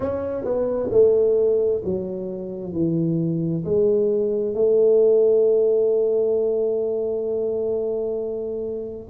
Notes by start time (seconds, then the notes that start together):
0.00 C#4
0.44 B3
0.91 A3
1.84 F#3
2.73 E3
3.64 G#3
4.54 A3